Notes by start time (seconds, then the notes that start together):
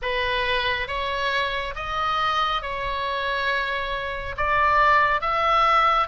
0.02 B4
0.87 C#5
1.75 D#5
2.62 C#5
4.36 D5
5.21 E5